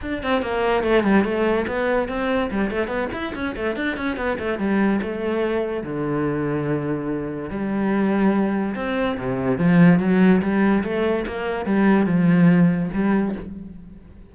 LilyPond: \new Staff \with { instrumentName = "cello" } { \time 4/4 \tempo 4 = 144 d'8 c'8 ais4 a8 g8 a4 | b4 c'4 g8 a8 b8 e'8 | cis'8 a8 d'8 cis'8 b8 a8 g4 | a2 d2~ |
d2 g2~ | g4 c'4 c4 f4 | fis4 g4 a4 ais4 | g4 f2 g4 | }